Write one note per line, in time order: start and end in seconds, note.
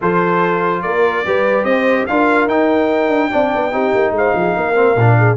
0.01 0.83 F3
0.01 1.25 F4
0.01 0.83 A4
0.01 0.82 C5
0.82 1.25 A#3
0.82 1.25 A#4
0.82 1.64 D5
1.25 1.63 G3
1.25 2.08 G4
1.25 1.66 B4
1.63 2.05 C4
1.63 2.07 C5
1.63 2.05 D#5
2.06 2.47 D4
2.06 2.49 F4
2.06 3.30 A#4
2.06 2.47 F5
2.47 3.08 D#4
2.47 3.30 D#4
2.47 4.14 G5
3.08 3.29 D4
3.30 3.54 C4
3.30 3.71 D4
3.30 3.71 D5
3.54 3.73 B3
3.71 3.94 C4
3.71 4.74 D#4
3.71 4.13 G4
3.94 4.11 A#3
4.11 4.31 G#3
4.11 5.36 F5
4.17 4.35 C5
4.34 4.55 F3
4.34 4.56 G#4
4.56 4.95 A#3
4.56 5.17 A#4
4.75 4.95 C4
4.95 5.36 A#2
4.95 5.36 D4
5.17 5.36 G#4